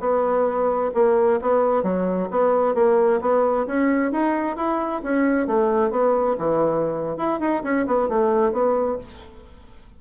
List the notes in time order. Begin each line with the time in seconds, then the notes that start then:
0.00 B3
0.94 A#3
1.42 B3
1.83 F#3
2.31 B3
2.75 A#3
3.21 B3
3.67 C#4
4.12 D#4
4.56 E4
5.03 C#4
5.47 A3
5.91 B3
6.38 E3
7.17 E4
7.40 D#4
7.64 C#4
7.86 B3
8.09 A3
8.52 B3